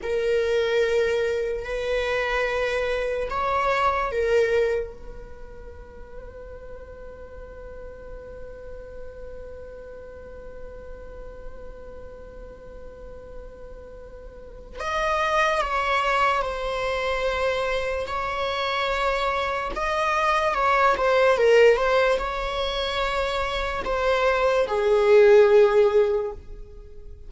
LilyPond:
\new Staff \with { instrumentName = "viola" } { \time 4/4 \tempo 4 = 73 ais'2 b'2 | cis''4 ais'4 b'2~ | b'1~ | b'1~ |
b'2 dis''4 cis''4 | c''2 cis''2 | dis''4 cis''8 c''8 ais'8 c''8 cis''4~ | cis''4 c''4 gis'2 | }